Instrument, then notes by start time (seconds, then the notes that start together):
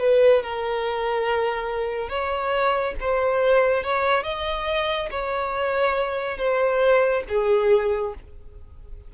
violin
0.00 B4
0.43 A#4
2.10 C#5
3.01 C5
3.84 C#5
4.24 D#5
5.11 C#5
6.38 C5
7.29 G#4